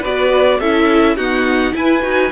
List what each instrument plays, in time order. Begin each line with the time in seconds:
0.00 cello B3, viola F#4, violin B4 D5
0.59 cello C#4, viola E4, violin A4 E5
1.16 viola B3, cello D#4, violin F#4 F#5
1.72 viola E4, cello E4, violin B4 G#5
2.01 cello D#4, viola F#4